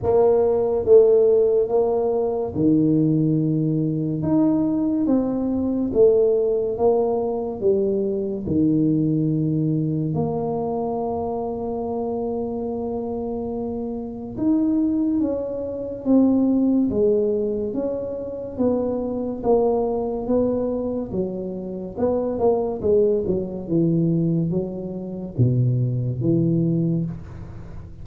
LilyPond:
\new Staff \with { instrumentName = "tuba" } { \time 4/4 \tempo 4 = 71 ais4 a4 ais4 dis4~ | dis4 dis'4 c'4 a4 | ais4 g4 dis2 | ais1~ |
ais4 dis'4 cis'4 c'4 | gis4 cis'4 b4 ais4 | b4 fis4 b8 ais8 gis8 fis8 | e4 fis4 b,4 e4 | }